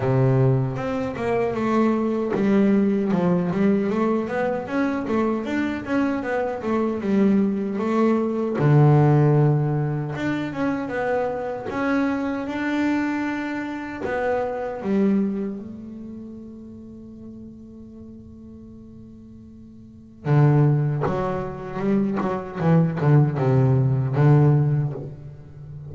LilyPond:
\new Staff \with { instrumentName = "double bass" } { \time 4/4 \tempo 4 = 77 c4 c'8 ais8 a4 g4 | f8 g8 a8 b8 cis'8 a8 d'8 cis'8 | b8 a8 g4 a4 d4~ | d4 d'8 cis'8 b4 cis'4 |
d'2 b4 g4 | a1~ | a2 d4 fis4 | g8 fis8 e8 d8 c4 d4 | }